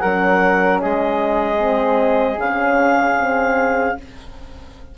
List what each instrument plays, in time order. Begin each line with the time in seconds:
0.00 bassoon F#3, horn C#4, flute A#4, clarinet F#5
0.82 bassoon G#3, flute G#4, clarinet D#5
1.59 horn C4
2.38 bassoon C#3, horn C#4, clarinet F5
3.18 horn C4